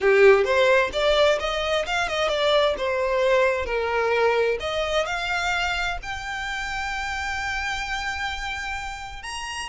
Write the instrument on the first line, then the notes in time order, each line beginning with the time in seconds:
violin
0.00 G4
0.44 C5
0.92 D5
1.39 D#5
1.86 F5
2.08 D#5
2.28 D5
2.77 C5
3.65 A#4
4.59 D#5
5.05 F5
6.02 G5
9.22 A#5